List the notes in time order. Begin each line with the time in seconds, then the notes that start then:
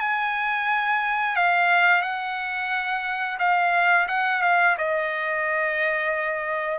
0.00 G#5
1.36 F5
2.02 F#5
3.39 F5
4.08 F#5
4.42 F5
4.78 D#5